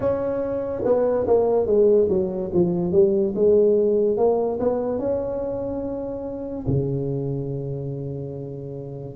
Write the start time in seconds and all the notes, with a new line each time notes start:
0.00 C#4
0.84 B3
1.27 A#3
1.66 G#3
2.09 F#3
2.53 F3
2.92 G3
3.35 G#3
4.17 A#3
4.59 B3
4.98 C#4
6.67 C#3